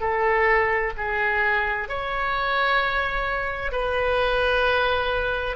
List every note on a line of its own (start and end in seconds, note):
0.00 0.92 A4
0.97 1.88 G#4
1.88 3.72 C#5
3.72 5.56 B4